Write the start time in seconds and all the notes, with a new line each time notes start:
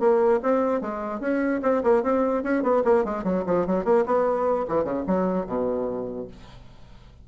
0.00 A#3
0.43 C4
0.81 G#3
1.21 C#4
1.63 C4
1.84 A#3
2.03 C4
2.44 C#4
2.63 B3
2.85 A#3
3.05 G#3
3.24 F#3
3.47 F3
3.67 F#3
3.85 A#3
4.06 B3
4.68 E3
4.84 C#3
5.07 F#3
5.47 B2